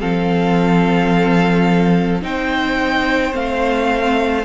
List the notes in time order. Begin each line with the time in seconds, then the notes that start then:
0.00 F3 C4 A4 F5
2.22 C4 D#4 C5 G5
3.32 A3 C4 F5